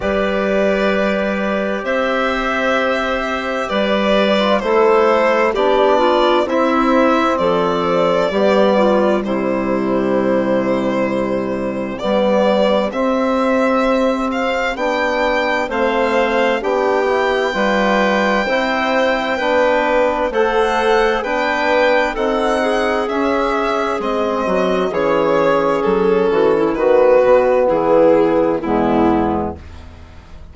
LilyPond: <<
  \new Staff \with { instrumentName = "violin" } { \time 4/4 \tempo 4 = 65 d''2 e''2 | d''4 c''4 d''4 e''4 | d''2 c''2~ | c''4 d''4 e''4. f''8 |
g''4 f''4 g''2~ | g''2 fis''4 g''4 | fis''4 e''4 dis''4 cis''4 | a'4 b'4 gis'4 e'4 | }
  \new Staff \with { instrumentName = "clarinet" } { \time 4/4 b'2 c''2 | b'4 a'4 g'8 f'8 e'4 | a'4 g'8 f'8 e'2~ | e'4 g'2.~ |
g'4 c''4 g'4 b'4 | c''4 b'4 c''4 b'4 | a'8 gis'2 fis'8 gis'4~ | gis'8 fis'16 e'16 fis'4 e'4 b4 | }
  \new Staff \with { instrumentName = "trombone" } { \time 4/4 g'1~ | g'8. f'16 e'4 d'4 c'4~ | c'4 b4 g2~ | g4 b4 c'2 |
d'4 c'4 d'8 e'8 f'4 | e'4 d'4 a'4 d'4 | dis'4 cis'4 c'4 cis'4~ | cis'4 b2 gis4 | }
  \new Staff \with { instrumentName = "bassoon" } { \time 4/4 g2 c'2 | g4 a4 b4 c'4 | f4 g4 c2~ | c4 g4 c'2 |
b4 a4 b4 g4 | c'4 b4 a4 b4 | c'4 cis'4 gis8 fis8 e4 | fis8 e8 dis8 b,8 e4 e,4 | }
>>